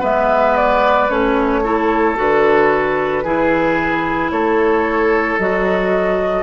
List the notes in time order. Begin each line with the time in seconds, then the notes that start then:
0.00 G#3 B3 B4 E5
0.57 D5
1.09 A3 C#4 C#5
1.64 E4 A4
2.16 D3 F#4 B4
3.24 E3 E4 G#4
4.31 A3 A4 C#5
5.39 F#3 F#4 D#5